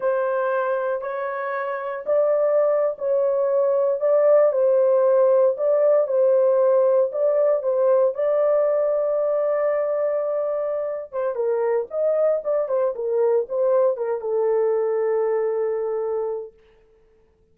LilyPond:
\new Staff \with { instrumentName = "horn" } { \time 4/4 \tempo 4 = 116 c''2 cis''2 | d''4.~ d''16 cis''2 d''16~ | d''8. c''2 d''4 c''16~ | c''4.~ c''16 d''4 c''4 d''16~ |
d''1~ | d''4. c''8 ais'4 dis''4 | d''8 c''8 ais'4 c''4 ais'8 a'8~ | a'1 | }